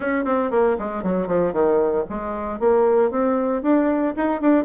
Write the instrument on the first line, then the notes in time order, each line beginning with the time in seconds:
bassoon
0.00 C#4
0.24 C4
0.51 A#3
0.79 G#3
1.03 F#3
1.27 F3
1.52 D#3
2.09 G#3
2.59 A#3
3.10 C4
3.62 D4
4.16 D#4
4.41 D4